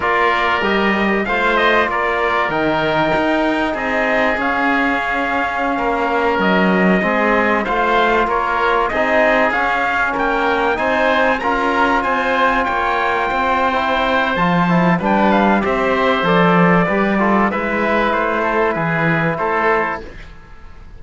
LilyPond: <<
  \new Staff \with { instrumentName = "trumpet" } { \time 4/4 \tempo 4 = 96 d''4 dis''4 f''8 dis''8 d''4 | g''2 dis''4 f''4~ | f''2~ f''16 dis''4.~ dis''16~ | dis''16 f''4 cis''4 dis''4 f''8.~ |
f''16 g''4 gis''4 ais''4 gis''8.~ | gis''16 g''2~ g''8. a''4 | g''8 f''8 e''4 d''2 | e''4 c''4 b'4 c''4 | }
  \new Staff \with { instrumentName = "oboe" } { \time 4/4 ais'2 c''4 ais'4~ | ais'2 gis'2~ | gis'4~ gis'16 ais'2 gis'8.~ | gis'16 c''4 ais'4 gis'4.~ gis'16~ |
gis'16 ais'4 c''4 ais'4 c''8.~ | c''16 cis''4 c''2~ c''8. | b'4 c''2 b'8 a'8 | b'4. a'8 gis'4 a'4 | }
  \new Staff \with { instrumentName = "trombone" } { \time 4/4 f'4 g'4 f'2 | dis'2. cis'4~ | cis'2.~ cis'16 c'8.~ | c'16 f'2 dis'4 cis'8.~ |
cis'4~ cis'16 dis'4 f'4.~ f'16~ | f'2 e'4 f'8 e'8 | d'4 g'4 a'4 g'8 f'8 | e'1 | }
  \new Staff \with { instrumentName = "cello" } { \time 4/4 ais4 g4 a4 ais4 | dis4 dis'4 c'4 cis'4~ | cis'4~ cis'16 ais4 fis4 gis8.~ | gis16 a4 ais4 c'4 cis'8.~ |
cis'16 ais4 c'4 cis'4 c'8.~ | c'16 ais4 c'4.~ c'16 f4 | g4 c'4 f4 g4 | gis4 a4 e4 a4 | }
>>